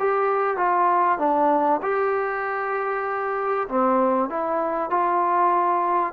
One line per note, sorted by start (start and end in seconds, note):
0.00 0.58 G4
0.58 1.19 F4
1.19 1.81 D4
1.82 3.68 G4
3.69 4.30 C4
4.30 4.91 E4
4.91 6.13 F4